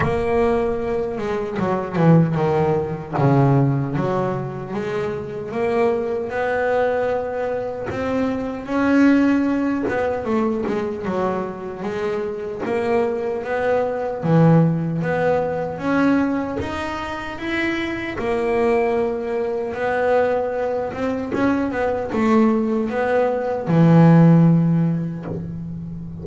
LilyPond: \new Staff \with { instrumentName = "double bass" } { \time 4/4 \tempo 4 = 76 ais4. gis8 fis8 e8 dis4 | cis4 fis4 gis4 ais4 | b2 c'4 cis'4~ | cis'8 b8 a8 gis8 fis4 gis4 |
ais4 b4 e4 b4 | cis'4 dis'4 e'4 ais4~ | ais4 b4. c'8 cis'8 b8 | a4 b4 e2 | }